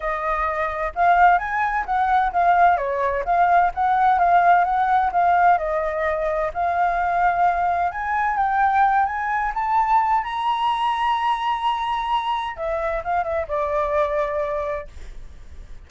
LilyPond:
\new Staff \with { instrumentName = "flute" } { \time 4/4 \tempo 4 = 129 dis''2 f''4 gis''4 | fis''4 f''4 cis''4 f''4 | fis''4 f''4 fis''4 f''4 | dis''2 f''2~ |
f''4 gis''4 g''4. gis''8~ | gis''8 a''4. ais''2~ | ais''2. e''4 | f''8 e''8 d''2. | }